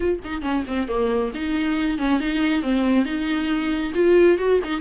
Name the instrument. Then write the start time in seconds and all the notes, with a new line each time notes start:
viola
0.00 F4
0.24 D#4
0.42 C#4
0.67 C4
0.88 A#3
1.34 D#4
1.98 C#4
2.20 D#4
2.62 C4
3.05 D#4
3.94 F4
4.38 F#4
4.64 D#4